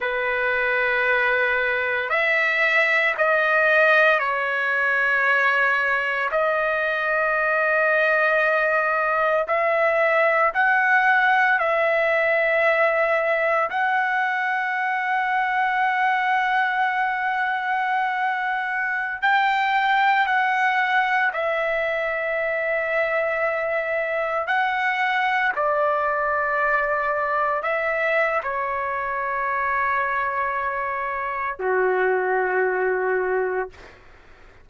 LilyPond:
\new Staff \with { instrumentName = "trumpet" } { \time 4/4 \tempo 4 = 57 b'2 e''4 dis''4 | cis''2 dis''2~ | dis''4 e''4 fis''4 e''4~ | e''4 fis''2.~ |
fis''2~ fis''16 g''4 fis''8.~ | fis''16 e''2. fis''8.~ | fis''16 d''2 e''8. cis''4~ | cis''2 fis'2 | }